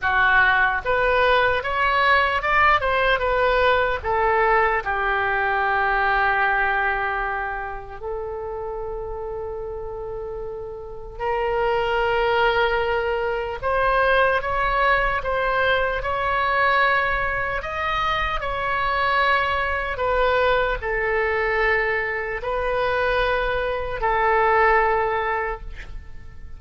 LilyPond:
\new Staff \with { instrumentName = "oboe" } { \time 4/4 \tempo 4 = 75 fis'4 b'4 cis''4 d''8 c''8 | b'4 a'4 g'2~ | g'2 a'2~ | a'2 ais'2~ |
ais'4 c''4 cis''4 c''4 | cis''2 dis''4 cis''4~ | cis''4 b'4 a'2 | b'2 a'2 | }